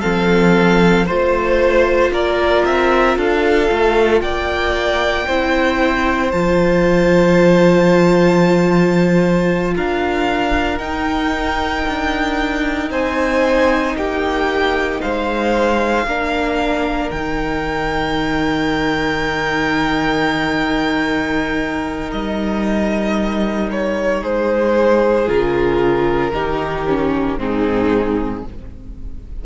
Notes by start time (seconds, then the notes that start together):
0.00 F3 C4 A4 F5
1.05 A3 F4 C5
2.10 A#3 A#4 D5
2.64 C4 E5
3.16 D4 A4 F5
3.71 A3
4.21 A#3 D5 G5
5.27 C4 E4 C5
6.31 F3 F4 A5
9.75 D4 A#4 F5
10.78 D#4 G5
11.87 D4
12.90 C4 C5 G#5
13.94 A#3 G4 G5
15.01 G#3 C5 F5
16.05 A#3 D4 A#4
17.10 D#3 D#4 G5
22.11 G3 D#5
23.71 C#5
24.20 G#3 G#4 C5
25.26 C#3 F4 A#4
26.33 D#3 D#4 G4
26.87 C#4
27.37 G#2 C4 D#4 G#4